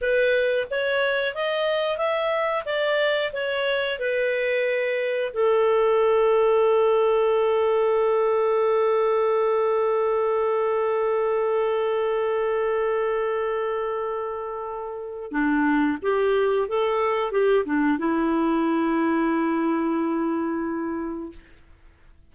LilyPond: \new Staff \with { instrumentName = "clarinet" } { \time 4/4 \tempo 4 = 90 b'4 cis''4 dis''4 e''4 | d''4 cis''4 b'2 | a'1~ | a'1~ |
a'1~ | a'2. d'4 | g'4 a'4 g'8 d'8 e'4~ | e'1 | }